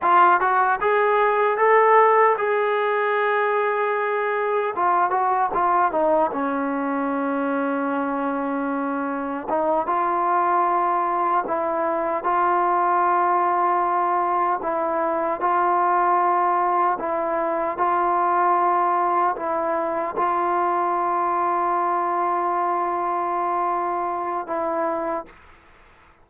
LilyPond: \new Staff \with { instrumentName = "trombone" } { \time 4/4 \tempo 4 = 76 f'8 fis'8 gis'4 a'4 gis'4~ | gis'2 f'8 fis'8 f'8 dis'8 | cis'1 | dis'8 f'2 e'4 f'8~ |
f'2~ f'8 e'4 f'8~ | f'4. e'4 f'4.~ | f'8 e'4 f'2~ f'8~ | f'2. e'4 | }